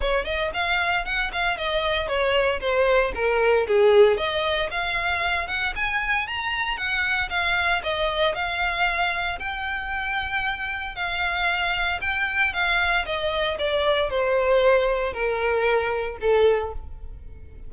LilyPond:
\new Staff \with { instrumentName = "violin" } { \time 4/4 \tempo 4 = 115 cis''8 dis''8 f''4 fis''8 f''8 dis''4 | cis''4 c''4 ais'4 gis'4 | dis''4 f''4. fis''8 gis''4 | ais''4 fis''4 f''4 dis''4 |
f''2 g''2~ | g''4 f''2 g''4 | f''4 dis''4 d''4 c''4~ | c''4 ais'2 a'4 | }